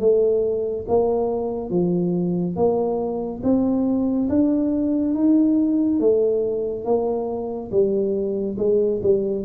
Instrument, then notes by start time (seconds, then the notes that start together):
tuba
0.00 A3
0.88 A#3
1.70 F3
2.56 A#3
3.43 C4
4.29 D4
5.15 D#4
6.00 A3
6.85 A#3
7.71 G3
8.58 G#3
9.03 G3